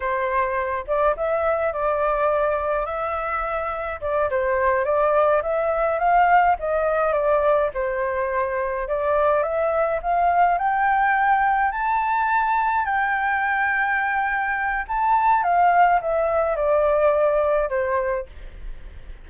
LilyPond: \new Staff \with { instrumentName = "flute" } { \time 4/4 \tempo 4 = 105 c''4. d''8 e''4 d''4~ | d''4 e''2 d''8 c''8~ | c''8 d''4 e''4 f''4 dis''8~ | dis''8 d''4 c''2 d''8~ |
d''8 e''4 f''4 g''4.~ | g''8 a''2 g''4.~ | g''2 a''4 f''4 | e''4 d''2 c''4 | }